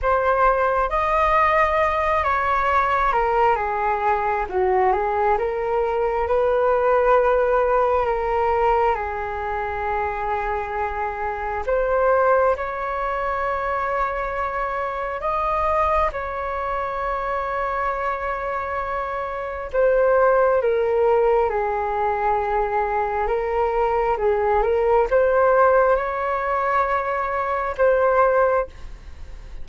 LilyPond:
\new Staff \with { instrumentName = "flute" } { \time 4/4 \tempo 4 = 67 c''4 dis''4. cis''4 ais'8 | gis'4 fis'8 gis'8 ais'4 b'4~ | b'4 ais'4 gis'2~ | gis'4 c''4 cis''2~ |
cis''4 dis''4 cis''2~ | cis''2 c''4 ais'4 | gis'2 ais'4 gis'8 ais'8 | c''4 cis''2 c''4 | }